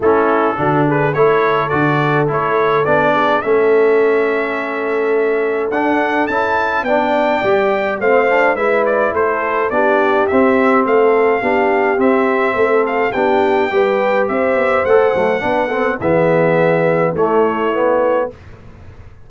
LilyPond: <<
  \new Staff \with { instrumentName = "trumpet" } { \time 4/4 \tempo 4 = 105 a'4. b'8 cis''4 d''4 | cis''4 d''4 e''2~ | e''2 fis''4 a''4 | g''2 f''4 e''8 d''8 |
c''4 d''4 e''4 f''4~ | f''4 e''4. f''8 g''4~ | g''4 e''4 fis''2 | e''2 cis''2 | }
  \new Staff \with { instrumentName = "horn" } { \time 4/4 e'4 fis'8 gis'8 a'2~ | a'4. gis'8 a'2~ | a'1 | d''2 c''4 b'4 |
a'4 g'2 a'4 | g'2 a'4 g'4 | b'4 c''2 b'8 a'8 | gis'2 e'2 | }
  \new Staff \with { instrumentName = "trombone" } { \time 4/4 cis'4 d'4 e'4 fis'4 | e'4 d'4 cis'2~ | cis'2 d'4 e'4 | d'4 g'4 c'8 d'8 e'4~ |
e'4 d'4 c'2 | d'4 c'2 d'4 | g'2 a'8 a8 d'8 c'8 | b2 a4 b4 | }
  \new Staff \with { instrumentName = "tuba" } { \time 4/4 a4 d4 a4 d4 | a4 b4 a2~ | a2 d'4 cis'4 | b4 g4 a4 gis4 |
a4 b4 c'4 a4 | b4 c'4 a4 b4 | g4 c'8 b8 a8 fis8 b4 | e2 a2 | }
>>